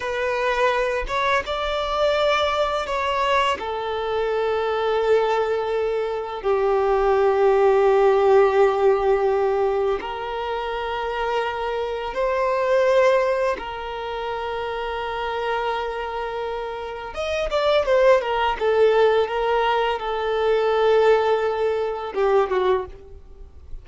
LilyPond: \new Staff \with { instrumentName = "violin" } { \time 4/4 \tempo 4 = 84 b'4. cis''8 d''2 | cis''4 a'2.~ | a'4 g'2.~ | g'2 ais'2~ |
ais'4 c''2 ais'4~ | ais'1 | dis''8 d''8 c''8 ais'8 a'4 ais'4 | a'2. g'8 fis'8 | }